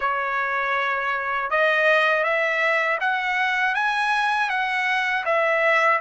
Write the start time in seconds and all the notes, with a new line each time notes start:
0.00 C#5
1.50 D#5
2.23 E5
3.00 F#5
3.74 G#5
4.49 F#5
5.25 E5